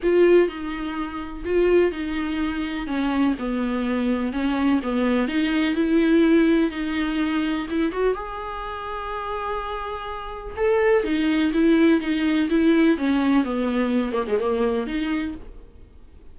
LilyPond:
\new Staff \with { instrumentName = "viola" } { \time 4/4 \tempo 4 = 125 f'4 dis'2 f'4 | dis'2 cis'4 b4~ | b4 cis'4 b4 dis'4 | e'2 dis'2 |
e'8 fis'8 gis'2.~ | gis'2 a'4 dis'4 | e'4 dis'4 e'4 cis'4 | b4. ais16 gis16 ais4 dis'4 | }